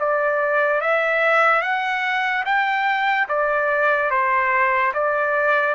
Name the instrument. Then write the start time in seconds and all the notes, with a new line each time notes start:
trumpet
0.00 D5
0.81 E5
1.62 F#5
2.46 G5
3.29 D5
4.11 C5
4.94 D5